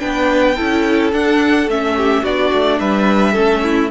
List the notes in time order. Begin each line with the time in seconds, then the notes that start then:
0.00 B3 D4 B4 G5
0.57 C#4 E4 A4
1.13 D4 F#5
1.68 A3 C#4 E5
1.97 G4
2.23 B3 D4 F#4 D5
2.53 A3
2.80 G3 B4 E5
3.33 A3 C#4 A4
3.64 E4